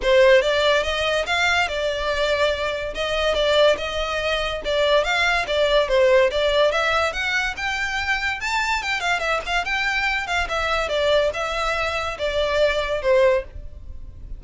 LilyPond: \new Staff \with { instrumentName = "violin" } { \time 4/4 \tempo 4 = 143 c''4 d''4 dis''4 f''4 | d''2. dis''4 | d''4 dis''2 d''4 | f''4 d''4 c''4 d''4 |
e''4 fis''4 g''2 | a''4 g''8 f''8 e''8 f''8 g''4~ | g''8 f''8 e''4 d''4 e''4~ | e''4 d''2 c''4 | }